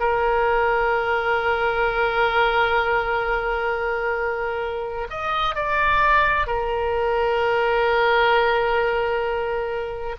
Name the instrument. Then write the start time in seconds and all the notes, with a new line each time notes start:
oboe
0.00 A#4
5.10 D#5
5.56 D5
6.47 A#4